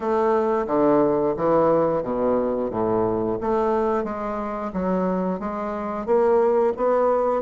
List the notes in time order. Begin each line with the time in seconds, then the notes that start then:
0.00 A3
0.66 D3
1.36 E3
2.02 B2
2.70 A2
3.40 A3
4.04 G#3
4.73 F#3
5.39 G#3
6.06 A#3
6.76 B3